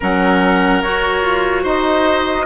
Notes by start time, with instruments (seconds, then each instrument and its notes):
0.00 bassoon F#3, clarinet C#4, oboe A#4, flute F#5
0.82 bassoon F#4, clarinet F#4, flute C#5
1.21 bassoon F4
1.63 bassoon D#4, oboe C5, flute D#5